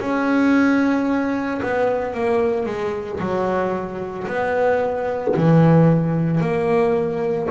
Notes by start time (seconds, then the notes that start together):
0.00 C#4
1.62 B3
2.14 A#3
2.66 G#3
3.20 F#3
4.28 B3
5.36 E3
6.40 A#3